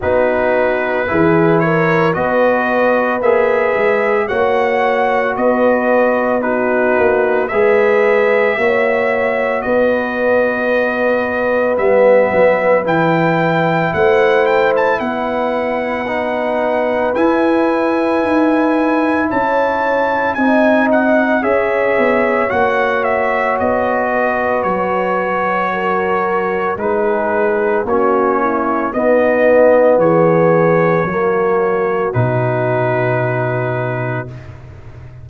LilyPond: <<
  \new Staff \with { instrumentName = "trumpet" } { \time 4/4 \tempo 4 = 56 b'4. cis''8 dis''4 e''4 | fis''4 dis''4 b'4 e''4~ | e''4 dis''2 e''4 | g''4 fis''8 g''16 a''16 fis''2 |
gis''2 a''4 gis''8 fis''8 | e''4 fis''8 e''8 dis''4 cis''4~ | cis''4 b'4 cis''4 dis''4 | cis''2 b'2 | }
  \new Staff \with { instrumentName = "horn" } { \time 4/4 fis'4 gis'8 ais'8 b'2 | cis''4 b'4 fis'4 b'4 | cis''4 b'2.~ | b'4 c''4 b'2~ |
b'2 cis''4 dis''4 | cis''2~ cis''8 b'4. | ais'4 gis'4 fis'8 e'8 dis'4 | gis'4 fis'2. | }
  \new Staff \with { instrumentName = "trombone" } { \time 4/4 dis'4 e'4 fis'4 gis'4 | fis'2 dis'4 gis'4 | fis'2. b4 | e'2. dis'4 |
e'2. dis'4 | gis'4 fis'2.~ | fis'4 dis'4 cis'4 b4~ | b4 ais4 dis'2 | }
  \new Staff \with { instrumentName = "tuba" } { \time 4/4 b4 e4 b4 ais8 gis8 | ais4 b4. ais8 gis4 | ais4 b2 g8 fis8 | e4 a4 b2 |
e'4 dis'4 cis'4 c'4 | cis'8 b8 ais4 b4 fis4~ | fis4 gis4 ais4 b4 | e4 fis4 b,2 | }
>>